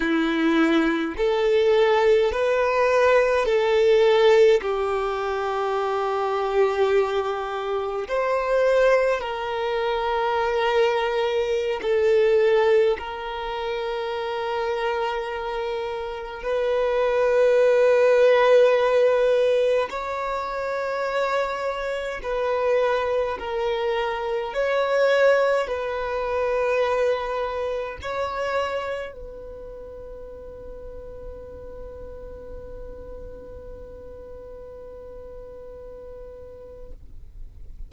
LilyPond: \new Staff \with { instrumentName = "violin" } { \time 4/4 \tempo 4 = 52 e'4 a'4 b'4 a'4 | g'2. c''4 | ais'2~ ais'16 a'4 ais'8.~ | ais'2~ ais'16 b'4.~ b'16~ |
b'4~ b'16 cis''2 b'8.~ | b'16 ais'4 cis''4 b'4.~ b'16~ | b'16 cis''4 b'2~ b'8.~ | b'1 | }